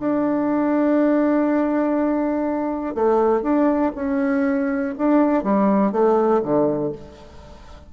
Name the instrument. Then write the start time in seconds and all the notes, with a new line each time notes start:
bassoon
0.00 D4
2.95 A3
3.42 D4
3.95 C#4
4.98 D4
5.43 G3
5.92 A3
6.43 D3